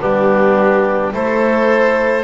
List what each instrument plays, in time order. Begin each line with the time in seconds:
0.00 double bass G3, trombone B3, oboe D4, violin G4
1.12 double bass A3, trombone E4, oboe A4, violin C5